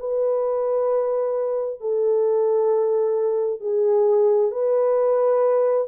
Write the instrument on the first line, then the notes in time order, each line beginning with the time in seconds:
horn
0.00 B4
1.81 A4
3.61 G#4
4.52 B4